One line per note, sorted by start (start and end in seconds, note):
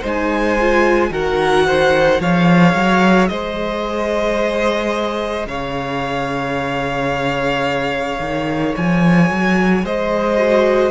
0.00 1.10 G#3
0.00 0.58 D#4
0.00 1.09 C5
0.07 1.13 G#5
0.60 1.11 F4
1.10 2.19 D#3
1.10 2.20 F#4
1.10 1.67 A#4
1.10 2.22 F#5
1.67 2.21 C5
2.20 2.74 F3
2.20 10.38 G#4
2.20 3.30 C#5
2.20 3.28 F5
2.75 3.29 F#3
3.28 5.46 G#3
3.28 5.48 C5
3.28 5.46 D#5
5.46 8.19 C#3
5.46 9.85 C#5
5.46 8.75 F5
8.20 8.74 D#3
8.77 9.30 F3
8.77 9.85 G#5
9.30 9.84 F#3
9.84 10.90 G#3
9.84 10.90 C5
9.84 10.90 D#5
10.38 10.90 F#4